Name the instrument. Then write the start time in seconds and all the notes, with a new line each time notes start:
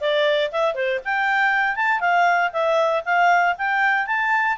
clarinet
0.00 D5
0.52 E5
0.74 C5
1.04 G5
1.75 A5
2.00 F5
2.52 E5
3.05 F5
3.58 G5
4.06 A5